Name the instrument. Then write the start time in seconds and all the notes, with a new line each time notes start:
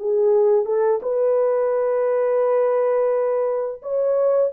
horn
0.00 G#4
0.66 A4
1.03 B4
3.82 C#5